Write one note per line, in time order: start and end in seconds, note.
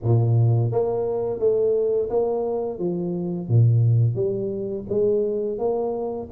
0.03 0.71 A#2
0.71 1.39 A#3
1.39 2.09 A3
2.09 2.78 A#3
2.78 3.48 F3
3.48 4.15 A#2
4.15 4.85 G3
4.89 5.58 G#3
5.58 6.28 A#3